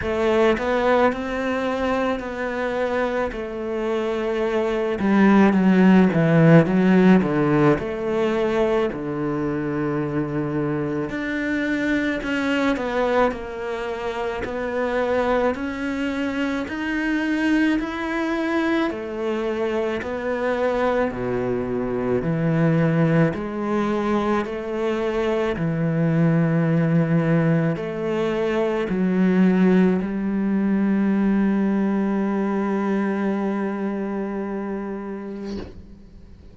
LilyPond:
\new Staff \with { instrumentName = "cello" } { \time 4/4 \tempo 4 = 54 a8 b8 c'4 b4 a4~ | a8 g8 fis8 e8 fis8 d8 a4 | d2 d'4 cis'8 b8 | ais4 b4 cis'4 dis'4 |
e'4 a4 b4 b,4 | e4 gis4 a4 e4~ | e4 a4 fis4 g4~ | g1 | }